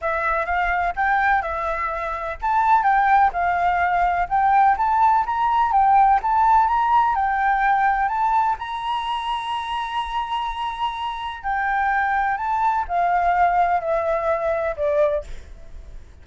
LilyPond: \new Staff \with { instrumentName = "flute" } { \time 4/4 \tempo 4 = 126 e''4 f''4 g''4 e''4~ | e''4 a''4 g''4 f''4~ | f''4 g''4 a''4 ais''4 | g''4 a''4 ais''4 g''4~ |
g''4 a''4 ais''2~ | ais''1 | g''2 a''4 f''4~ | f''4 e''2 d''4 | }